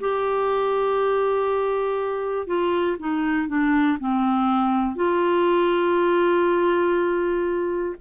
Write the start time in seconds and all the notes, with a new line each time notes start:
0.00 G4
2.47 F4
3.00 D#4
3.48 D4
4.00 C4
4.96 F4